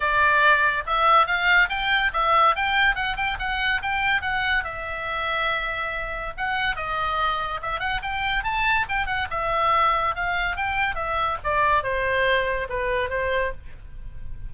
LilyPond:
\new Staff \with { instrumentName = "oboe" } { \time 4/4 \tempo 4 = 142 d''2 e''4 f''4 | g''4 e''4 g''4 fis''8 g''8 | fis''4 g''4 fis''4 e''4~ | e''2. fis''4 |
dis''2 e''8 fis''8 g''4 | a''4 g''8 fis''8 e''2 | f''4 g''4 e''4 d''4 | c''2 b'4 c''4 | }